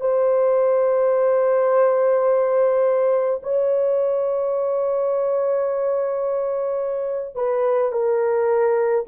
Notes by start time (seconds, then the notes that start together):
0.00 C5
3.42 C#5
7.35 B4
7.92 A#4